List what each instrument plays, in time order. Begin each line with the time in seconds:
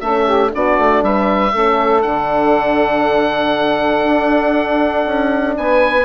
0.00 bassoon A3, horn C#4, saxophone A4, oboe E5
0.25 saxophone G4
0.50 bassoon B3, horn D4, saxophone F#4, oboe D5
0.78 bassoon A3
1.02 bassoon G3, saxophone B4, oboe E5
1.52 bassoon A3, horn C#4, saxophone A4
2.02 bassoon D3, horn D4, oboe F#5
4.04 bassoon D4
5.05 bassoon C#4
5.57 bassoon B3, saxophone B4, oboe G#5